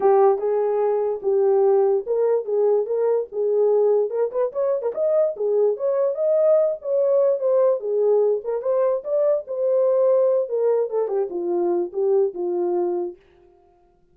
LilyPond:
\new Staff \with { instrumentName = "horn" } { \time 4/4 \tempo 4 = 146 g'4 gis'2 g'4~ | g'4 ais'4 gis'4 ais'4 | gis'2 ais'8 b'8 cis''8. ais'16 | dis''4 gis'4 cis''4 dis''4~ |
dis''8 cis''4. c''4 gis'4~ | gis'8 ais'8 c''4 d''4 c''4~ | c''4. ais'4 a'8 g'8 f'8~ | f'4 g'4 f'2 | }